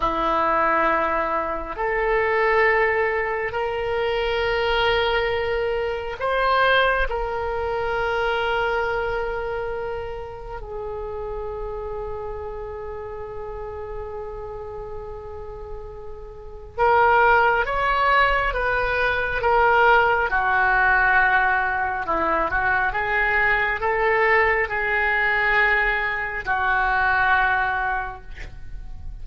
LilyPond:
\new Staff \with { instrumentName = "oboe" } { \time 4/4 \tempo 4 = 68 e'2 a'2 | ais'2. c''4 | ais'1 | gis'1~ |
gis'2. ais'4 | cis''4 b'4 ais'4 fis'4~ | fis'4 e'8 fis'8 gis'4 a'4 | gis'2 fis'2 | }